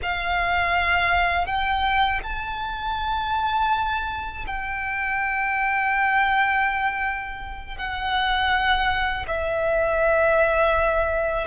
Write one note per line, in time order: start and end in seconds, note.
0.02 1.46 F5
1.46 2.20 G5
2.23 4.45 A5
4.46 7.77 G5
7.77 9.25 F#5
9.27 11.47 E5